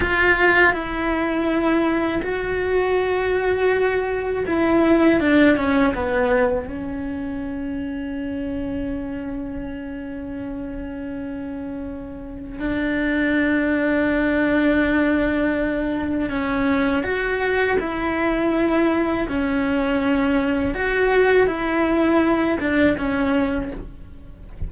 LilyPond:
\new Staff \with { instrumentName = "cello" } { \time 4/4 \tempo 4 = 81 f'4 e'2 fis'4~ | fis'2 e'4 d'8 cis'8 | b4 cis'2.~ | cis'1~ |
cis'4 d'2.~ | d'2 cis'4 fis'4 | e'2 cis'2 | fis'4 e'4. d'8 cis'4 | }